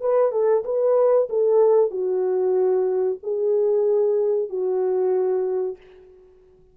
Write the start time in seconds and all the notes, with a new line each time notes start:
0.00 B4
0.31 A4
0.64 B4
1.29 A4
1.90 F#4
3.23 G#4
4.49 F#4